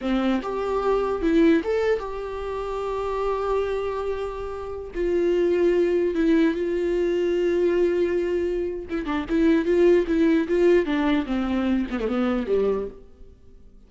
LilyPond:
\new Staff \with { instrumentName = "viola" } { \time 4/4 \tempo 4 = 149 c'4 g'2 e'4 | a'4 g'2.~ | g'1~ | g'16 f'2. e'8.~ |
e'16 f'2.~ f'8.~ | f'2 e'8 d'8 e'4 | f'4 e'4 f'4 d'4 | c'4. b16 a16 b4 g4 | }